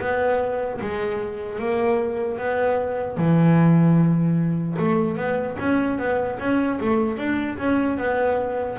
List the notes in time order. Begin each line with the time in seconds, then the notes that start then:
0.00 B3
0.80 G#3
1.59 A#3
2.38 B3
3.17 E3
4.79 A3
5.16 B3
5.59 C#4
5.98 B3
6.39 C#4
6.80 A3
7.17 D4
7.58 C#4
7.97 B3